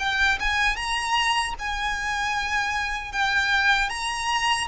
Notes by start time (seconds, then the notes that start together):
0.00 G5
0.40 G#5
0.77 A#5
1.59 G#5
3.12 G5
3.90 A#5